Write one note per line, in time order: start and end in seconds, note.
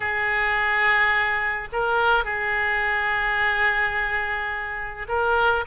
0.00 1.68 G#4
1.72 2.24 A#4
2.24 5.07 G#4
5.08 5.64 A#4